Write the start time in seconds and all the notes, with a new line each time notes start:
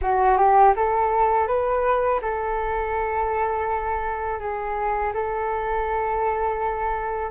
0.01 F#4
0.37 G4
0.75 A4
1.47 B4
2.22 A4
4.39 G#4
5.13 A4